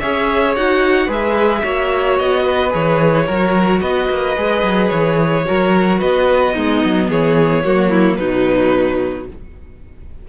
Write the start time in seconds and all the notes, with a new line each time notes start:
0.00 C#4 G#4 C#5 E5
0.56 D#4 F#4 F#5
1.07 G#3 G#4 B4 E5
1.63 A#3 F#4 C#5
2.19 B3 D#5
2.43 B4
2.70 E3 G#4 C#5
3.27 F#3 F#4 A#4
3.81 B3 B4 D#5
4.10 A#3
4.37 G#3 G#4
4.63 F#3
4.89 E3 C#5
5.45 F#3 F#4 A#4
6.00 B3 B4 D#5
6.54 G#3 B3 D#4
6.84 F#3
7.09 E3 G#4 C#5
7.64 F#3 A#3 F#4
7.90 E4
8.17 B2 F#3 D#4 B4